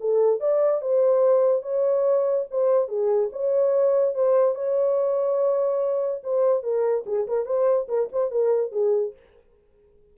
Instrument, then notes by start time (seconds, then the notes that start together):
horn
0.00 A4
0.40 D5
0.81 C5
1.62 C#5
2.51 C5
2.88 G#4
3.32 C#5
4.15 C5
4.55 C#5
6.23 C5
6.63 A#4
7.06 G#4
7.27 A#4
7.46 C5
7.88 A#4
8.12 C5
8.31 A#4
8.72 G#4